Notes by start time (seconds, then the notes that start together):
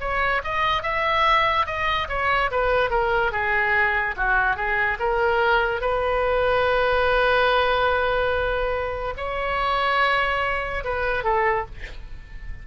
0.00 C#5
0.44 D#5
0.83 E5
1.66 D#5
2.09 C#5
2.51 B4
2.90 A#4
3.31 G#4
4.17 F#4
4.56 G#4
4.99 A#4
5.81 B4
9.17 C#5
10.84 B4
11.23 A4